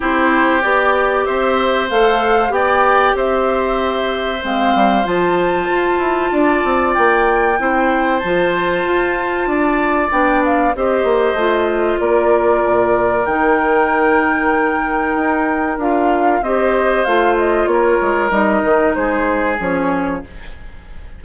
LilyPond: <<
  \new Staff \with { instrumentName = "flute" } { \time 4/4 \tempo 4 = 95 c''4 d''4 e''4 f''4 | g''4 e''2 f''4 | a''2. g''4~ | g''4 a''2. |
g''8 f''8 dis''2 d''4~ | d''4 g''2.~ | g''4 f''4 dis''4 f''8 dis''8 | cis''4 dis''4 c''4 cis''4 | }
  \new Staff \with { instrumentName = "oboe" } { \time 4/4 g'2 c''2 | d''4 c''2.~ | c''2 d''2 | c''2. d''4~ |
d''4 c''2 ais'4~ | ais'1~ | ais'2 c''2 | ais'2 gis'2 | }
  \new Staff \with { instrumentName = "clarinet" } { \time 4/4 e'4 g'2 a'4 | g'2. c'4 | f'1 | e'4 f'2. |
d'4 g'4 f'2~ | f'4 dis'2.~ | dis'4 f'4 g'4 f'4~ | f'4 dis'2 cis'4 | }
  \new Staff \with { instrumentName = "bassoon" } { \time 4/4 c'4 b4 c'4 a4 | b4 c'2 gis8 g8 | f4 f'8 e'8 d'8 c'8 ais4 | c'4 f4 f'4 d'4 |
b4 c'8 ais8 a4 ais4 | ais,4 dis2. | dis'4 d'4 c'4 a4 | ais8 gis8 g8 dis8 gis4 f4 | }
>>